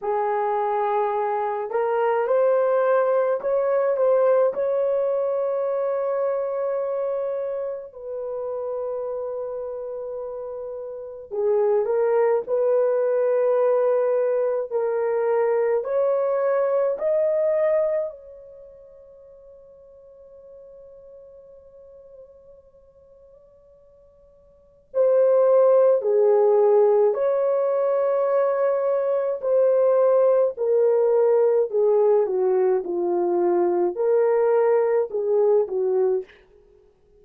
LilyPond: \new Staff \with { instrumentName = "horn" } { \time 4/4 \tempo 4 = 53 gis'4. ais'8 c''4 cis''8 c''8 | cis''2. b'4~ | b'2 gis'8 ais'8 b'4~ | b'4 ais'4 cis''4 dis''4 |
cis''1~ | cis''2 c''4 gis'4 | cis''2 c''4 ais'4 | gis'8 fis'8 f'4 ais'4 gis'8 fis'8 | }